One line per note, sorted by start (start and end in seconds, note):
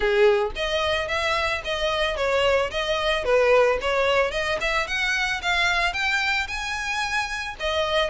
0.00 0.51 G#4
0.55 1.07 D#5
1.07 1.61 E5
1.64 2.16 D#5
2.16 2.70 C#5
2.70 3.24 D#5
3.24 3.78 B4
3.81 4.31 C#5
4.31 4.58 D#5
4.60 4.87 E5
4.87 5.41 F#5
5.42 5.93 F5
5.93 6.47 G5
6.47 7.55 G#5
7.59 8.10 D#5